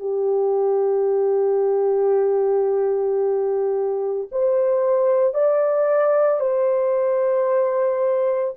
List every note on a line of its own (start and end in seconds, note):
0.00 4.29 G4
4.32 5.35 C5
5.35 6.40 D5
6.40 8.55 C5